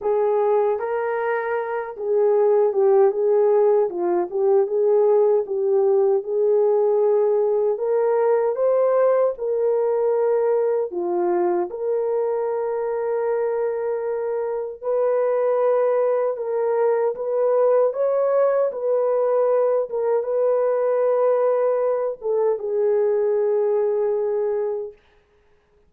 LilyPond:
\new Staff \with { instrumentName = "horn" } { \time 4/4 \tempo 4 = 77 gis'4 ais'4. gis'4 g'8 | gis'4 f'8 g'8 gis'4 g'4 | gis'2 ais'4 c''4 | ais'2 f'4 ais'4~ |
ais'2. b'4~ | b'4 ais'4 b'4 cis''4 | b'4. ais'8 b'2~ | b'8 a'8 gis'2. | }